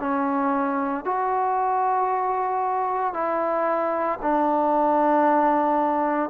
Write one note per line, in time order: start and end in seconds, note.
0.00 1.05 C#4
1.05 3.14 F#4
3.14 4.20 E4
4.22 6.31 D4